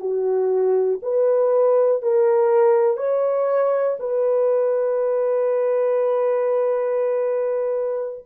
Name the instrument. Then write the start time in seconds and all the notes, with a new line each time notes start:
horn
0.00 F#4
1.02 B4
2.02 A#4
2.97 C#5
4.00 B4